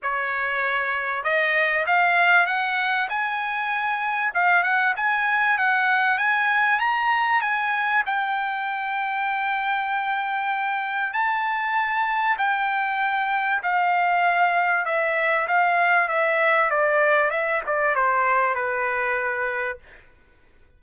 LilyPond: \new Staff \with { instrumentName = "trumpet" } { \time 4/4 \tempo 4 = 97 cis''2 dis''4 f''4 | fis''4 gis''2 f''8 fis''8 | gis''4 fis''4 gis''4 ais''4 | gis''4 g''2.~ |
g''2 a''2 | g''2 f''2 | e''4 f''4 e''4 d''4 | e''8 d''8 c''4 b'2 | }